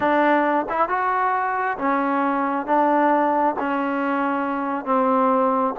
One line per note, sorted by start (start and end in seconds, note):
0.00 0.66 D4
0.69 0.88 E4
0.88 1.77 F#4
1.78 2.66 C#4
2.66 3.55 D4
3.59 4.85 C#4
4.85 5.74 C4